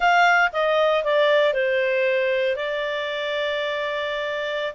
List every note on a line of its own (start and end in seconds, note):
0.00 0.51 F5
0.52 1.03 D#5
1.03 1.53 D5
1.53 2.56 C5
2.56 4.74 D5